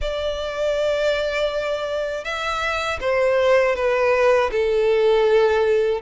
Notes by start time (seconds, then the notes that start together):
0.01 D5
2.24 E5
3.00 C5
3.75 B4
4.51 A4